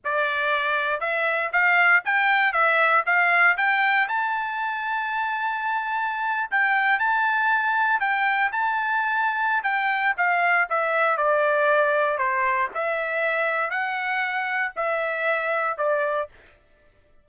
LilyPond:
\new Staff \with { instrumentName = "trumpet" } { \time 4/4 \tempo 4 = 118 d''2 e''4 f''4 | g''4 e''4 f''4 g''4 | a''1~ | a''8. g''4 a''2 g''16~ |
g''8. a''2~ a''16 g''4 | f''4 e''4 d''2 | c''4 e''2 fis''4~ | fis''4 e''2 d''4 | }